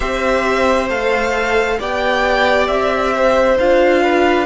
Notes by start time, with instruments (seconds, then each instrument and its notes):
0.00 cello C4, viola G4, violin C5 E5
0.89 cello A3, viola A4, violin F5
1.79 cello B3, viola G4, violin D5 G5
2.67 cello C4, violin E5
3.14 violin C5
3.59 cello D4, viola F4, violin F5
4.02 violin B4